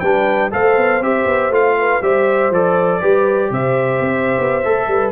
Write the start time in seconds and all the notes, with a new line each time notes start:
0.00 G3 D4 B4 G5
0.51 A3 A4 C5 F5
0.77 B3
1.01 C4 G4 E5
1.26 B3
1.50 A3 F4 F5
1.79 B4
2.02 G3 G4 C5 E5
2.50 F3 A4 D5
3.00 G3 G4 B4
3.51 C3 C5 E5
4.00 C4
4.39 B3
4.65 A3 A4
4.88 G3 B4